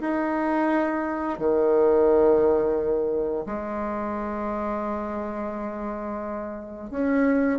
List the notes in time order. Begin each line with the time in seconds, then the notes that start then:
0.00 D#4
1.38 D#3
3.46 G#3
6.90 C#4